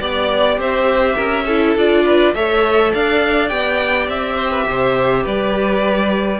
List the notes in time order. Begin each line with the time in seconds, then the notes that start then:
0.00 B3 G4 D5
0.57 C4 C5 E5
1.15 C#4 A#4
1.46 E4 A4
1.76 D4 F4 D5
2.05 B4
2.34 A3 A4 C#5 E5
2.92 D4 D5 F5
3.49 B3 G4 G5
4.08 C4 E5
4.36 C5
4.51 B4
4.68 C3 C5
5.23 G3 B4 D5